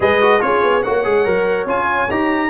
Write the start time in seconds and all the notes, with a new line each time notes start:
0.00 G#3 G#4 B4 D#5
0.21 F#4
0.40 C#4 F4 G#4 C#5
0.63 B3
0.82 A#3 F#4 C#5 F#5
1.04 G#3 G#4
1.24 F#3 A#4
1.65 C#4 F4 G#5
2.10 D#4 G4 A#5